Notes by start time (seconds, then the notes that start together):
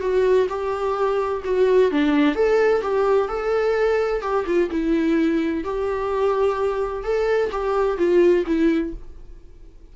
0.00 F#4
0.49 G4
1.44 F#4
1.91 D4
2.35 A4
2.81 G4
3.28 A4
4.21 G4
4.46 F4
4.70 E4
5.64 G4
7.03 A4
7.51 G4
7.97 F4
8.46 E4